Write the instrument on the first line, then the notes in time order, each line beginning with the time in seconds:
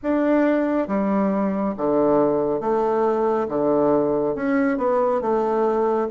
bassoon
0.02 D4
0.87 G3
1.77 D3
2.60 A3
3.48 D3
4.35 C#4
4.77 B3
5.21 A3